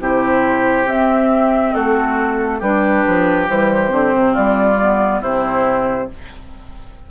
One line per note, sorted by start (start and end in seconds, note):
0.00 0.86 C3
0.00 0.87 E4
0.00 1.74 G4
0.00 0.88 C5
0.86 1.72 C4
0.86 2.61 C4
0.86 1.74 E5
1.74 2.61 A3
1.74 2.59 F#4
1.74 2.61 A4
2.59 3.05 G3
2.59 3.48 D4
2.59 4.33 G4
2.59 3.48 B4
3.08 3.49 F3
3.48 3.92 E3
3.48 3.89 G3
3.48 4.35 C5
3.89 4.13 D3
3.89 4.76 C4
4.14 4.36 C3
4.33 5.22 G3
4.33 5.20 F4
4.33 5.22 D5
4.80 5.24 B3
5.21 6.09 C3
5.21 6.11 C4
5.21 6.08 E4
5.21 6.10 C5